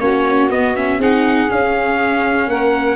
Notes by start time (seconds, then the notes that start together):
0.00 A#3 C#4 F#4 C#5
0.50 B3 D#5
0.76 C#4 E5
0.99 C4 D#4 G#4 F#5
1.49 C#4 F5
2.48 A#3 A#4 F#5